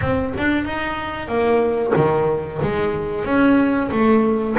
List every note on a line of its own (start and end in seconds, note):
0.01 0.33 C4
0.37 0.64 D4
0.64 1.28 D#4
1.28 1.93 A#3
1.96 2.61 D#3
2.62 3.24 G#3
3.24 3.90 C#4
3.91 4.56 A3